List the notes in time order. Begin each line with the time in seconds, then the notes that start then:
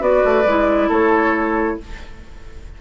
0.00 B3 F#4 B4 D5
0.25 A3
0.46 G#3 E4
0.89 A3 A4 C#5